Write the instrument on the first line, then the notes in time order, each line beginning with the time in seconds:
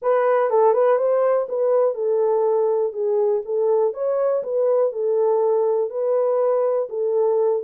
horn
0.01 B4
0.50 A4
0.73 B4
0.98 C5
1.48 B4
1.94 A4
2.92 G#4
3.45 A4
3.93 C#5
4.43 B4
4.92 A4
5.90 B4
6.89 A4